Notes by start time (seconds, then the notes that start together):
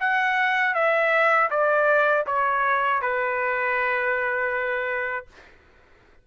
0.00 F#5
0.74 E5
1.50 D5
2.26 C#5
3.02 B4